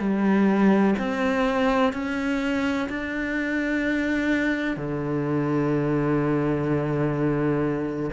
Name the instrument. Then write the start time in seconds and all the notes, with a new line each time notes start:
cello
0.00 G3
0.99 C4
1.94 C#4
2.90 D4
4.77 D3